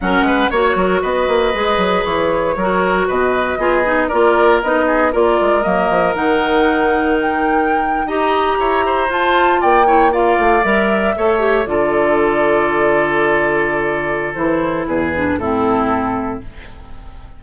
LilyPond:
<<
  \new Staff \with { instrumentName = "flute" } { \time 4/4 \tempo 4 = 117 fis''4 cis''4 dis''2 | cis''2 dis''2 | d''4 dis''4 d''4 dis''4 | fis''2 g''4.~ g''16 ais''16~ |
ais''4.~ ais''16 a''4 g''4 f''16~ | f''8. e''2 d''4~ d''16~ | d''1 | c''4 b'4 a'2 | }
  \new Staff \with { instrumentName = "oboe" } { \time 4/4 ais'8 b'8 cis''8 ais'8 b'2~ | b'4 ais'4 b'4 gis'4 | ais'4. gis'8 ais'2~ | ais'2.~ ais'8. dis''16~ |
dis''8. cis''8 c''4. d''8 cis''8 d''16~ | d''4.~ d''16 cis''4 a'4~ a'16~ | a'1~ | a'4 gis'4 e'2 | }
  \new Staff \with { instrumentName = "clarinet" } { \time 4/4 cis'4 fis'2 gis'4~ | gis'4 fis'2 f'8 dis'8 | f'4 dis'4 f'4 ais4 | dis'2.~ dis'8. g'16~ |
g'4.~ g'16 f'4. e'8 f'16~ | f'8. ais'4 a'8 g'8 f'4~ f'16~ | f'1 | e'4. d'8 c'2 | }
  \new Staff \with { instrumentName = "bassoon" } { \time 4/4 fis8 gis8 ais8 fis8 b8 ais8 gis8 fis8 | e4 fis4 b,4 b4 | ais4 b4 ais8 gis8 fis8 f8 | dis2.~ dis8. dis'16~ |
dis'8. e'4 f'4 ais4~ ais16~ | ais16 a8 g4 a4 d4~ d16~ | d1 | e4 e,4 a,2 | }
>>